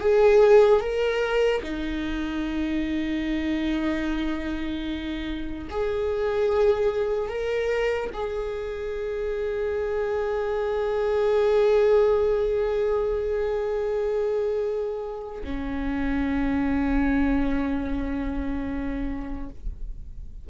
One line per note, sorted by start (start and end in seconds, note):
0.00 0.80 G#4
0.80 1.61 A#4
1.63 5.68 D#4
5.70 7.29 G#4
7.29 8.10 A#4
8.13 15.43 G#4
15.44 19.49 C#4